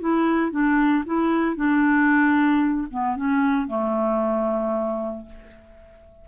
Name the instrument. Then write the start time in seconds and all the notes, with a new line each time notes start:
clarinet
0.00 E4
0.52 D4
1.06 E4
1.56 D4
2.91 B3
3.16 C#4
3.68 A3